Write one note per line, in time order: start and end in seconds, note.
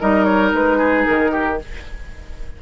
0.00 0.53 G3
0.00 1.59 D#4
0.00 0.78 A#4
0.00 0.24 D#5
0.24 0.51 C#5
0.53 1.06 G#3
0.53 1.05 B4
0.78 1.31 G#4
1.05 1.62 D#3
1.05 1.59 A#4
1.32 1.58 G4